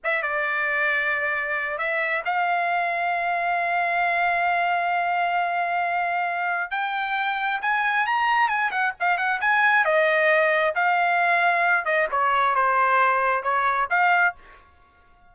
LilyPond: \new Staff \with { instrumentName = "trumpet" } { \time 4/4 \tempo 4 = 134 e''8 d''2.~ d''8 | e''4 f''2.~ | f''1~ | f''2. g''4~ |
g''4 gis''4 ais''4 gis''8 fis''8 | f''8 fis''8 gis''4 dis''2 | f''2~ f''8 dis''8 cis''4 | c''2 cis''4 f''4 | }